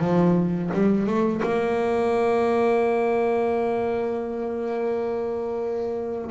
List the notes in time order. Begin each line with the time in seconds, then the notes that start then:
0.00 F3
0.74 G3
1.06 A3
1.43 A#3